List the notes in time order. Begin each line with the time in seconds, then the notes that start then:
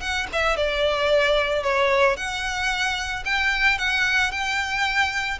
0.00 F#5
0.32 E5
0.56 D5
1.63 C#5
2.16 F#5
3.25 G5
3.78 F#5
4.31 G5